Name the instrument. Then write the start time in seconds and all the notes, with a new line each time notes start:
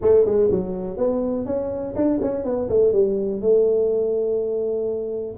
tuba
0.01 A3
0.25 G#3
0.50 F#3
0.97 B3
1.45 C#4
1.95 D4
2.21 C#4
2.44 B3
2.69 A3
2.92 G3
3.41 A3